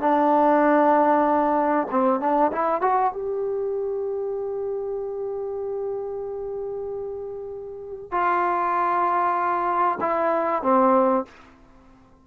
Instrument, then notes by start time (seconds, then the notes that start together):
trombone
0.00 D4
1.91 C4
2.20 D4
2.52 E4
2.81 F#4
3.12 G4
8.11 F4
10.00 E4
10.62 C4